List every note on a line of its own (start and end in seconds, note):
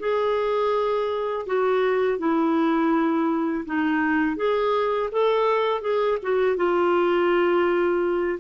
0.00 1.46 G#4
1.47 2.19 F#4
2.19 3.65 E4
3.66 4.37 D#4
4.37 5.10 G#4
5.12 5.82 A4
5.82 6.18 G#4
6.23 6.57 F#4
6.57 8.40 F4